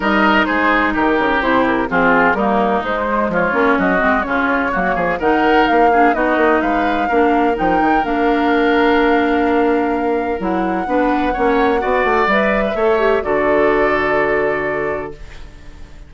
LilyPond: <<
  \new Staff \with { instrumentName = "flute" } { \time 4/4 \tempo 4 = 127 dis''4 c''4 ais'4 c''8 ais'8 | gis'4 ais'4 c''4 cis''4 | dis''4 cis''2 fis''4 | f''4 dis''4 f''2 |
g''4 f''2.~ | f''2 fis''2~ | fis''2 e''2 | d''1 | }
  \new Staff \with { instrumentName = "oboe" } { \time 4/4 ais'4 gis'4 g'2 | f'4 dis'2 f'4 | fis'4 f'4 fis'8 gis'8 ais'4~ | ais'8 gis'8 fis'4 b'4 ais'4~ |
ais'1~ | ais'2. b'4 | cis''4 d''4.~ d''16 b'16 cis''4 | a'1 | }
  \new Staff \with { instrumentName = "clarinet" } { \time 4/4 dis'2. e'4 | c'4 ais4 gis4. cis'8~ | cis'8 c'8 cis'4 ais4 dis'4~ | dis'8 d'8 dis'2 d'4 |
dis'4 d'2.~ | d'2 e'4 d'4 | cis'4 fis'4 b'4 a'8 g'8 | fis'1 | }
  \new Staff \with { instrumentName = "bassoon" } { \time 4/4 g4 gis4 dis8 cis8 c4 | f4 g4 gis4 f8 ais8 | fis8 gis8 cis4 fis8 f8 dis4 | ais4 b8 ais8 gis4 ais4 |
f8 dis8 ais2.~ | ais2 fis4 b4 | ais4 b8 a8 g4 a4 | d1 | }
>>